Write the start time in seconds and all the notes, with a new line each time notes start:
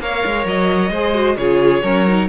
0.00 A#3 A#4 C#5 F5
0.25 G#3
0.45 F#3 D#5
0.90 G#3 G#4 C5
1.14 F#4
1.36 C#3 F4 G#4 C#5
1.83 F#3 C#4 A#4
2.07 D#4